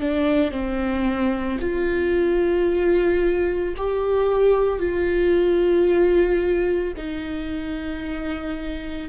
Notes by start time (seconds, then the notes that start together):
0.00 D4
0.51 C4
1.60 F4
3.76 G4
4.79 F4
6.96 D#4